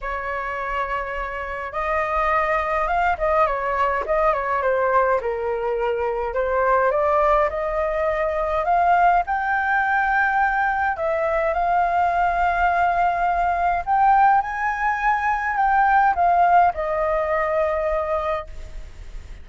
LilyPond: \new Staff \with { instrumentName = "flute" } { \time 4/4 \tempo 4 = 104 cis''2. dis''4~ | dis''4 f''8 dis''8 cis''4 dis''8 cis''8 | c''4 ais'2 c''4 | d''4 dis''2 f''4 |
g''2. e''4 | f''1 | g''4 gis''2 g''4 | f''4 dis''2. | }